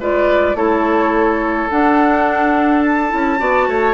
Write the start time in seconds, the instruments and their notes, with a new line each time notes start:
0.00 bassoon G#3, clarinet F4, oboe B4, flute D5
0.54 bassoon A3, clarinet E4, oboe A4, flute C#5
1.69 clarinet D4, bassoon D4, flute F#5
2.82 flute A5
3.09 bassoon C#4, clarinet E4
3.38 bassoon B3, clarinet F#4, oboe D5
3.68 bassoon A3, oboe C#5